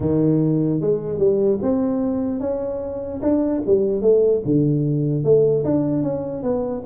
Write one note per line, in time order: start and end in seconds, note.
0.00 0.80 D#3
0.80 1.18 G#3
1.18 1.59 G3
1.62 2.40 C4
2.40 3.20 C#4
3.21 3.62 D4
3.66 4.01 G3
4.01 4.42 A3
4.45 5.23 D3
5.23 5.64 A3
5.64 6.03 D4
6.03 6.42 C#4
6.42 6.83 B3